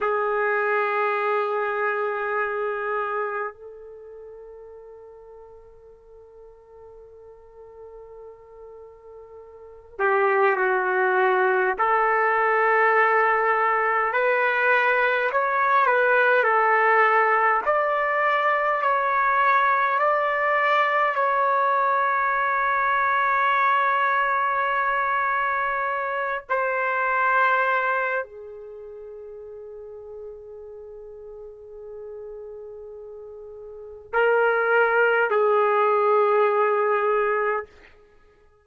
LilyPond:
\new Staff \with { instrumentName = "trumpet" } { \time 4/4 \tempo 4 = 51 gis'2. a'4~ | a'1~ | a'8 g'8 fis'4 a'2 | b'4 cis''8 b'8 a'4 d''4 |
cis''4 d''4 cis''2~ | cis''2~ cis''8 c''4. | gis'1~ | gis'4 ais'4 gis'2 | }